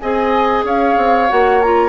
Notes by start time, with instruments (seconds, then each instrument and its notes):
0.00 bassoon C4, clarinet G#4, oboe D#5, flute G#5
0.64 bassoon C#4, oboe C#5, flute F5
0.97 bassoon C4
1.29 bassoon A#3, clarinet F#4, flute F#5
1.61 clarinet F4, flute A#5